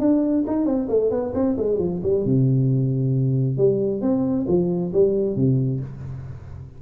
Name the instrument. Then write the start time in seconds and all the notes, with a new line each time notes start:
tuba
0.00 D4
0.47 D#4
0.66 C4
0.89 A3
1.11 B3
1.35 C4
1.57 G#3
1.79 F3
2.03 G3
2.25 C3
3.58 G3
4.02 C4
4.48 F3
4.93 G3
5.36 C3